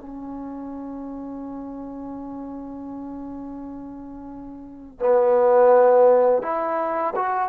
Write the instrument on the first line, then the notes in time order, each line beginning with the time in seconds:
trombone
0.00 C#4
4.99 B3
6.43 E4
7.16 F#4